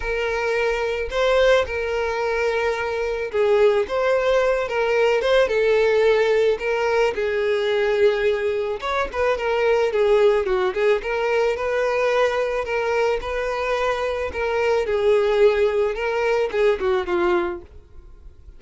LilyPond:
\new Staff \with { instrumentName = "violin" } { \time 4/4 \tempo 4 = 109 ais'2 c''4 ais'4~ | ais'2 gis'4 c''4~ | c''8 ais'4 c''8 a'2 | ais'4 gis'2. |
cis''8 b'8 ais'4 gis'4 fis'8 gis'8 | ais'4 b'2 ais'4 | b'2 ais'4 gis'4~ | gis'4 ais'4 gis'8 fis'8 f'4 | }